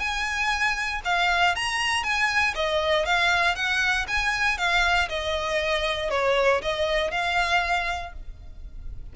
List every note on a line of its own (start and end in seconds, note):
0.00 1.02 G#5
1.05 1.56 F5
1.56 2.04 A#5
2.04 2.55 G#5
2.55 3.06 D#5
3.06 3.56 F5
3.56 4.07 F#5
4.08 4.58 G#5
4.58 5.09 F5
5.10 6.11 D#5
6.11 6.62 C#5
6.62 7.12 D#5
7.12 8.13 F5